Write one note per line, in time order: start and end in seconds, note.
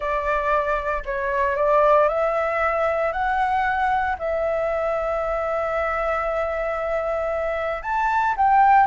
0.00 1.03 D5
1.05 1.56 C#5
1.56 2.08 D5
2.08 3.12 E5
3.12 4.16 F#5
4.18 7.82 E5
7.82 8.34 A5
8.36 8.86 G5